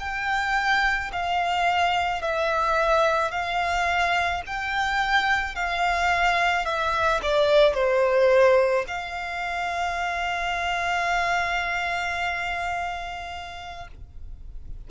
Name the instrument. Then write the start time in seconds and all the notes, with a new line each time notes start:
violin
0.00 G5
1.13 F5
2.22 E5
3.31 F5
4.46 G5
5.56 F5
6.66 E5
7.23 D5
7.74 C5
8.88 F5